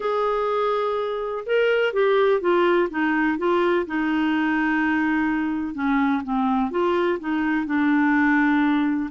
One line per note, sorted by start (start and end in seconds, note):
0.00 1.44 G#4
1.45 1.93 A#4
1.93 2.40 G4
2.40 2.88 F4
2.89 3.37 D#4
3.38 3.86 F4
3.86 5.74 D#4
5.74 6.22 C#4
6.23 6.70 C4
6.70 7.18 F4
7.19 7.66 D#4
7.66 9.10 D4